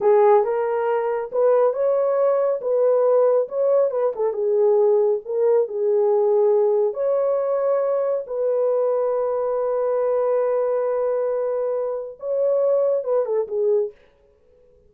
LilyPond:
\new Staff \with { instrumentName = "horn" } { \time 4/4 \tempo 4 = 138 gis'4 ais'2 b'4 | cis''2 b'2 | cis''4 b'8 a'8 gis'2 | ais'4 gis'2. |
cis''2. b'4~ | b'1~ | b'1 | cis''2 b'8 a'8 gis'4 | }